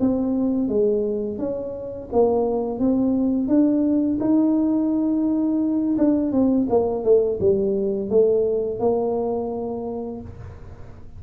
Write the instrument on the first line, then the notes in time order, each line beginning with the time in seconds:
tuba
0.00 C4
0.69 G#3
1.39 C#4
2.12 A#3
2.79 C4
3.48 D4
4.21 D#4
5.98 D4
6.32 C4
6.70 A#3
7.04 A3
7.40 G3
8.10 A3
8.80 A#3